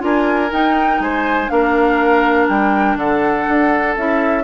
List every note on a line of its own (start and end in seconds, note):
0.00 0.52 D4
0.00 0.49 F4
0.00 1.03 A#4
0.00 0.53 G#5
0.52 1.00 D#4
0.52 1.48 D#4
0.52 1.02 G5
1.00 1.49 G#3
1.00 1.52 C5
1.00 1.49 G#5
1.48 2.50 A#3
1.48 3.94 D4
1.48 2.98 A#4
1.48 2.48 F5
2.49 2.96 G3
2.49 2.98 G5
2.96 3.45 D3
2.96 4.44 A4
2.96 3.97 F#5
3.49 3.97 D4
3.97 4.44 C#4
3.97 4.44 E4
3.97 4.44 E5